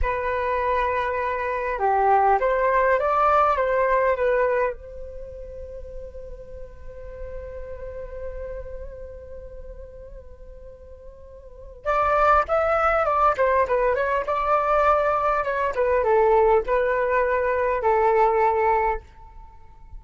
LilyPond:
\new Staff \with { instrumentName = "flute" } { \time 4/4 \tempo 4 = 101 b'2. g'4 | c''4 d''4 c''4 b'4 | c''1~ | c''1~ |
c''1 | d''4 e''4 d''8 c''8 b'8 cis''8 | d''2 cis''8 b'8 a'4 | b'2 a'2 | }